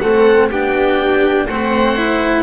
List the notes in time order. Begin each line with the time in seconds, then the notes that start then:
0.00 A3 C4 A4 F#5
0.50 B3 D4 G4 G5
1.47 A3 C4 C5 F#5
1.96 E4